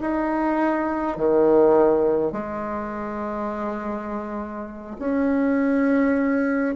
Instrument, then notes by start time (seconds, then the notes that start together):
bassoon
0.00 D#4
1.17 D#3
2.32 G#3
4.99 C#4